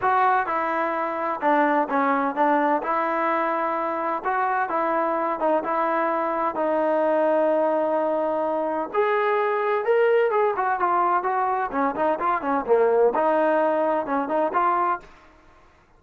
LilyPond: \new Staff \with { instrumentName = "trombone" } { \time 4/4 \tempo 4 = 128 fis'4 e'2 d'4 | cis'4 d'4 e'2~ | e'4 fis'4 e'4. dis'8 | e'2 dis'2~ |
dis'2. gis'4~ | gis'4 ais'4 gis'8 fis'8 f'4 | fis'4 cis'8 dis'8 f'8 cis'8 ais4 | dis'2 cis'8 dis'8 f'4 | }